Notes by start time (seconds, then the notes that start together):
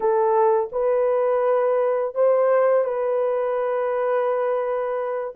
0.00 A4
0.71 B4
2.15 C5
2.84 B4